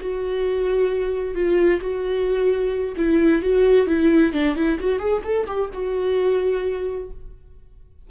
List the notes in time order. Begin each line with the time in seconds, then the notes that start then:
0.00 F#4
1.34 F4
1.80 F#4
2.97 E4
3.42 F#4
3.87 E4
4.33 D4
4.56 E4
4.79 F#4
4.99 G#4
5.24 A4
5.46 G4
5.73 F#4